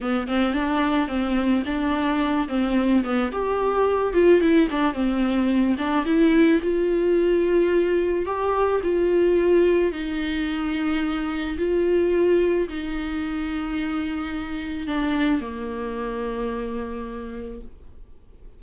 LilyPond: \new Staff \with { instrumentName = "viola" } { \time 4/4 \tempo 4 = 109 b8 c'8 d'4 c'4 d'4~ | d'8 c'4 b8 g'4. f'8 | e'8 d'8 c'4. d'8 e'4 | f'2. g'4 |
f'2 dis'2~ | dis'4 f'2 dis'4~ | dis'2. d'4 | ais1 | }